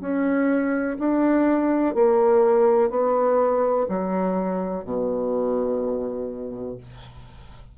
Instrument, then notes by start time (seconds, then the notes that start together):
bassoon
0.00 C#4
0.99 D4
1.94 A#3
2.89 B3
3.88 F#3
4.84 B2